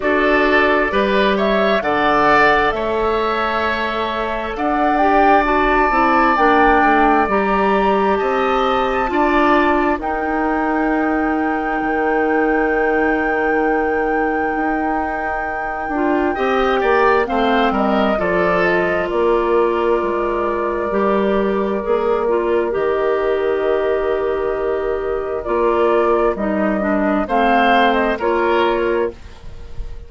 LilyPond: <<
  \new Staff \with { instrumentName = "flute" } { \time 4/4 \tempo 4 = 66 d''4. e''8 fis''4 e''4~ | e''4 fis''8 g''8 a''4 g''4 | ais''4 a''2 g''4~ | g''1~ |
g''2. f''8 dis''8 | d''8 dis''8 d''2.~ | d''4 dis''2. | d''4 dis''4 f''8. dis''16 cis''4 | }
  \new Staff \with { instrumentName = "oboe" } { \time 4/4 a'4 b'8 cis''8 d''4 cis''4~ | cis''4 d''2.~ | d''4 dis''4 d''4 ais'4~ | ais'1~ |
ais'2 dis''8 d''8 c''8 ais'8 | a'4 ais'2.~ | ais'1~ | ais'2 c''4 ais'4 | }
  \new Staff \with { instrumentName = "clarinet" } { \time 4/4 fis'4 g'4 a'2~ | a'4. g'8 fis'8 e'8 d'4 | g'2 f'4 dis'4~ | dis'1~ |
dis'4. f'8 g'4 c'4 | f'2. g'4 | gis'8 f'8 g'2. | f'4 dis'8 d'8 c'4 f'4 | }
  \new Staff \with { instrumentName = "bassoon" } { \time 4/4 d'4 g4 d4 a4~ | a4 d'4. c'8 ais8 a8 | g4 c'4 d'4 dis'4~ | dis'4 dis2. |
dis'4. d'8 c'8 ais8 a8 g8 | f4 ais4 gis4 g4 | ais4 dis2. | ais4 g4 a4 ais4 | }
>>